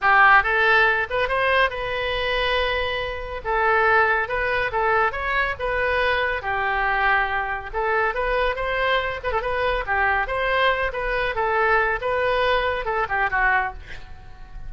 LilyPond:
\new Staff \with { instrumentName = "oboe" } { \time 4/4 \tempo 4 = 140 g'4 a'4. b'8 c''4 | b'1 | a'2 b'4 a'4 | cis''4 b'2 g'4~ |
g'2 a'4 b'4 | c''4. b'16 a'16 b'4 g'4 | c''4. b'4 a'4. | b'2 a'8 g'8 fis'4 | }